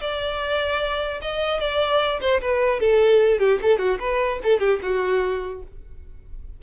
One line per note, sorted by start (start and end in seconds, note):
0.00 1.20 D5
1.21 1.59 D#5
1.59 2.19 D5
2.21 2.41 C5
2.41 2.79 B4
2.79 3.39 A4
3.39 3.59 G4
3.62 3.78 A4
3.78 3.98 F#4
3.99 4.39 B4
4.43 4.59 A4
4.59 4.79 G4
4.82 5.62 F#4